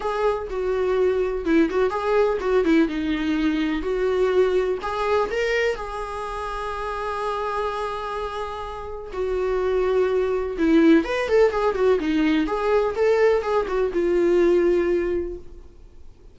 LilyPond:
\new Staff \with { instrumentName = "viola" } { \time 4/4 \tempo 4 = 125 gis'4 fis'2 e'8 fis'8 | gis'4 fis'8 e'8 dis'2 | fis'2 gis'4 ais'4 | gis'1~ |
gis'2. fis'4~ | fis'2 e'4 b'8 a'8 | gis'8 fis'8 dis'4 gis'4 a'4 | gis'8 fis'8 f'2. | }